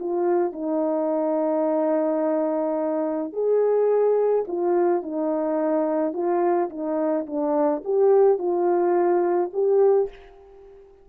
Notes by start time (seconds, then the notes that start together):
0.00 F4
0.53 D#4
3.33 G#4
4.48 F4
5.03 D#4
6.13 F4
6.70 D#4
7.27 D4
7.85 G4
8.39 F4
9.53 G4